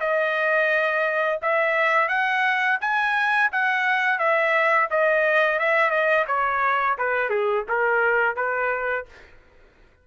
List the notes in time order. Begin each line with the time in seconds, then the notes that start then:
0.00 D#5
1.42 E5
2.09 F#5
2.81 G#5
3.52 F#5
4.19 E5
4.90 D#5
5.59 E5
5.90 D#5
6.27 C#5
6.98 B4
7.30 G#4
7.69 A#4
8.36 B4